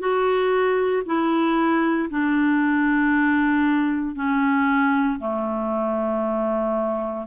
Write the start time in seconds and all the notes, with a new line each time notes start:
0.00 F#4
1.06 E4
2.10 D4
4.16 C#4
5.20 A3